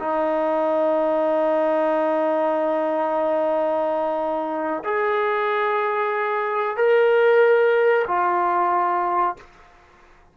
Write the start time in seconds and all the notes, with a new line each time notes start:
0.00 D#4
4.85 G#4
6.77 A#4
8.08 F4